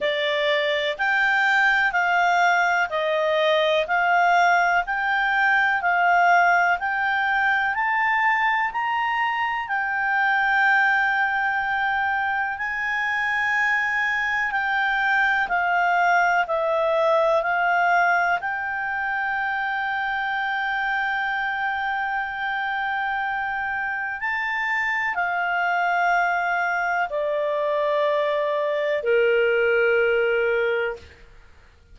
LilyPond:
\new Staff \with { instrumentName = "clarinet" } { \time 4/4 \tempo 4 = 62 d''4 g''4 f''4 dis''4 | f''4 g''4 f''4 g''4 | a''4 ais''4 g''2~ | g''4 gis''2 g''4 |
f''4 e''4 f''4 g''4~ | g''1~ | g''4 a''4 f''2 | d''2 ais'2 | }